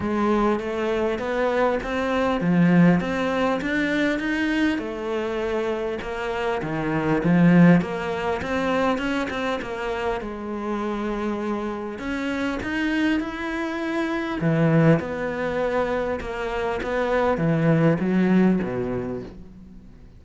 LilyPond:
\new Staff \with { instrumentName = "cello" } { \time 4/4 \tempo 4 = 100 gis4 a4 b4 c'4 | f4 c'4 d'4 dis'4 | a2 ais4 dis4 | f4 ais4 c'4 cis'8 c'8 |
ais4 gis2. | cis'4 dis'4 e'2 | e4 b2 ais4 | b4 e4 fis4 b,4 | }